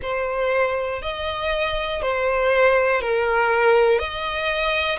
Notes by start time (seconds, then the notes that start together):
0.01 C5
1.02 D#5
2.02 C5
3.01 A#4
3.98 D#5